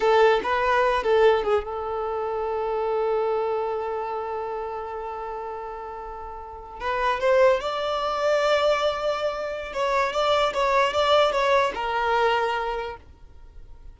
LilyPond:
\new Staff \with { instrumentName = "violin" } { \time 4/4 \tempo 4 = 148 a'4 b'4. a'4 gis'8 | a'1~ | a'1~ | a'1~ |
a'8. b'4 c''4 d''4~ d''16~ | d''1 | cis''4 d''4 cis''4 d''4 | cis''4 ais'2. | }